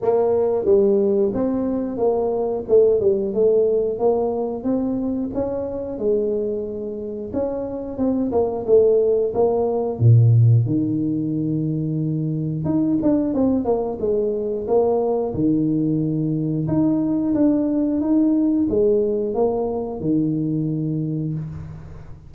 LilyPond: \new Staff \with { instrumentName = "tuba" } { \time 4/4 \tempo 4 = 90 ais4 g4 c'4 ais4 | a8 g8 a4 ais4 c'4 | cis'4 gis2 cis'4 | c'8 ais8 a4 ais4 ais,4 |
dis2. dis'8 d'8 | c'8 ais8 gis4 ais4 dis4~ | dis4 dis'4 d'4 dis'4 | gis4 ais4 dis2 | }